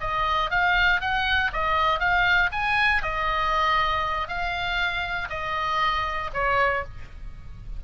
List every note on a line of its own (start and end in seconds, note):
0.00 0.50 D#5
0.50 1.00 F5
1.01 1.51 F#5
1.52 1.99 D#5
1.99 2.50 F5
2.52 3.02 G#5
3.02 4.28 D#5
4.28 5.28 F5
5.29 6.30 D#5
6.33 6.84 C#5